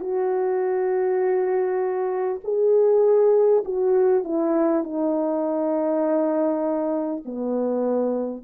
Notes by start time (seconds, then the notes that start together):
0.00 F#4
2.44 G#4
3.64 F#4
4.24 E4
4.84 D#4
7.25 B3